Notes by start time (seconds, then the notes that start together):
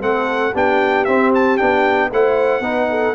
0.00 A3 C4 A4 F#5
0.52 B3 D4 G4 G5
1.04 C4 E5
1.34 A5
1.57 B3 D4 G5
2.11 A3 E4 C5 F#5
2.60 B3 D#4 B4
2.90 A4